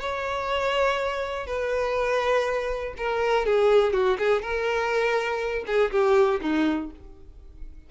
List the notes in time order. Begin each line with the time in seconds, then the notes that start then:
0.00 C#5
1.47 B4
2.97 A#4
3.46 G#4
3.93 F#4
4.19 G#4
4.42 A#4
5.66 G#4
5.91 G4
6.41 D#4